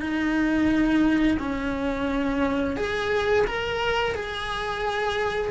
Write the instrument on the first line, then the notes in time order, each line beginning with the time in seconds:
cello
0.00 D#4
1.39 C#4
2.76 G#4
3.47 A#4
4.14 G#4